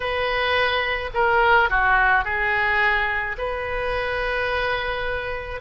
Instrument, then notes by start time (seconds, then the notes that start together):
oboe
0.00 B4
1.13 A#4
1.69 F#4
2.24 G#4
3.38 B4